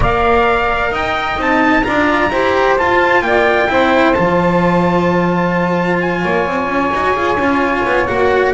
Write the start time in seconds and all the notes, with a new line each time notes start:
0.00 A#3 A#4 D5 F5
0.91 D#4 D#5 G5
1.36 C4 D#4 A5
1.83 D4 F4 D5 A#5
2.30 E4 G4 C5
2.77 F4 A5
3.21 A#3 D5 G5
3.68 C4 E4 C5
4.14 F3 F4 A5
6.00 G#5
6.22 A#3 C#5
6.46 C4
6.67 C#4
6.93 D#4 F#4
7.13 F4 G#4
7.36 C#4 F4
7.84 B3
8.07 A#3 F#4 F#5